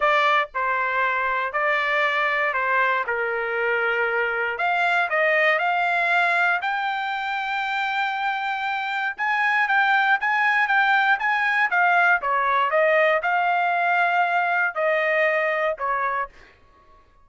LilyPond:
\new Staff \with { instrumentName = "trumpet" } { \time 4/4 \tempo 4 = 118 d''4 c''2 d''4~ | d''4 c''4 ais'2~ | ais'4 f''4 dis''4 f''4~ | f''4 g''2.~ |
g''2 gis''4 g''4 | gis''4 g''4 gis''4 f''4 | cis''4 dis''4 f''2~ | f''4 dis''2 cis''4 | }